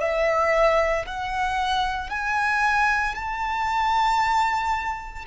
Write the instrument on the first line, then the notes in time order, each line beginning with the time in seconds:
violin
0.00 E5
1.06 F#5
2.10 G#5
3.15 A5